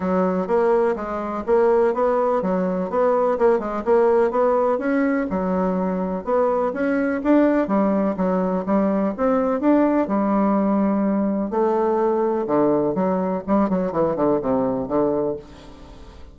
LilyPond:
\new Staff \with { instrumentName = "bassoon" } { \time 4/4 \tempo 4 = 125 fis4 ais4 gis4 ais4 | b4 fis4 b4 ais8 gis8 | ais4 b4 cis'4 fis4~ | fis4 b4 cis'4 d'4 |
g4 fis4 g4 c'4 | d'4 g2. | a2 d4 fis4 | g8 fis8 e8 d8 c4 d4 | }